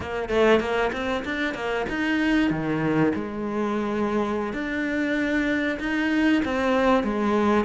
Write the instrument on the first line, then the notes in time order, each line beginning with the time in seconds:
cello
0.00 A#3
0.29 A3
0.60 A#3
0.92 C4
1.24 D4
1.54 A#3
1.89 D#4
2.50 D#3
3.14 G#3
4.53 D4
5.79 D#4
6.44 C4
7.03 G#3